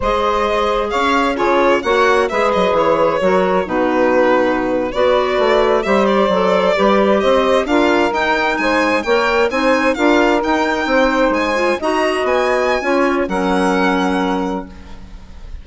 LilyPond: <<
  \new Staff \with { instrumentName = "violin" } { \time 4/4 \tempo 4 = 131 dis''2 f''4 cis''4 | fis''4 e''8 dis''8 cis''2 | b'2~ b'8. d''4~ d''16~ | d''8. e''8 d''2~ d''8 dis''16~ |
dis''8. f''4 g''4 gis''4 g''16~ | g''8. gis''4 f''4 g''4~ g''16~ | g''8. gis''4 ais''4 gis''4~ gis''16~ | gis''4 fis''2. | }
  \new Staff \with { instrumentName = "saxophone" } { \time 4/4 c''2 cis''4 gis'4 | cis''4 b'2 ais'4 | fis'2~ fis'8. b'4~ b'16~ | b'8. c''2 b'4 c''16~ |
c''8. ais'2 c''4 cis''16~ | cis''8. c''4 ais'2 c''16~ | c''4.~ c''16 dis''2~ dis''16 | cis''4 ais'2. | }
  \new Staff \with { instrumentName = "clarinet" } { \time 4/4 gis'2. f'4 | fis'4 gis'2 fis'4 | dis'2~ dis'8. fis'4~ fis'16~ | fis'8. g'4 a'4 g'4~ g'16~ |
g'8. f'4 dis'2 ais'16~ | ais'8. dis'4 f'4 dis'4~ dis'16~ | dis'4~ dis'16 f'8 fis'2~ fis'16 | f'4 cis'2. | }
  \new Staff \with { instrumentName = "bassoon" } { \time 4/4 gis2 cis'4 cis4 | ais4 gis8 fis8 e4 fis4 | b,2~ b,8. b4 a16~ | a8. g4 fis4 g4 c'16~ |
c'8. d'4 dis'4 gis4 ais16~ | ais8. c'4 d'4 dis'4 c'16~ | c'8. gis4 dis'4 b4~ b16 | cis'4 fis2. | }
>>